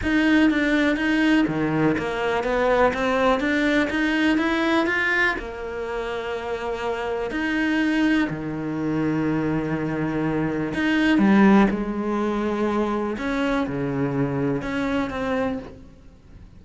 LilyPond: \new Staff \with { instrumentName = "cello" } { \time 4/4 \tempo 4 = 123 dis'4 d'4 dis'4 dis4 | ais4 b4 c'4 d'4 | dis'4 e'4 f'4 ais4~ | ais2. dis'4~ |
dis'4 dis2.~ | dis2 dis'4 g4 | gis2. cis'4 | cis2 cis'4 c'4 | }